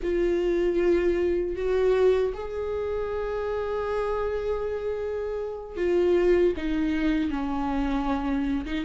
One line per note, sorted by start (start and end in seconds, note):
0.02 1.56 F4
1.56 2.33 F#4
2.34 5.77 G#4
5.77 6.53 F4
6.57 7.30 D#4
7.30 8.65 C#4
8.65 8.85 D#4